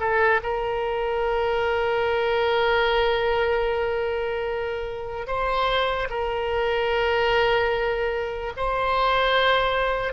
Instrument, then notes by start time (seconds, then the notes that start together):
oboe
0.00 A4
0.43 A#4
5.27 C5
6.10 A#4
8.57 C5